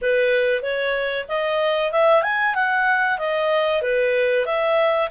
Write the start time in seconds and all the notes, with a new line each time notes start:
0.01 B4
0.62 C#5
1.28 D#5
1.91 E5
2.22 G#5
2.54 F#5
3.18 D#5
3.82 B4
4.45 E5